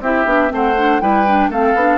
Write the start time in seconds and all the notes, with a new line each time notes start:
0.00 C4 E4 G4 E5
0.25 B3 D4
0.48 A3 C4 C5 F#5
0.77 D4
1.00 G3 E4 B4 G5
1.27 D4
1.48 A3 C4 A4 F5
1.74 B3 D4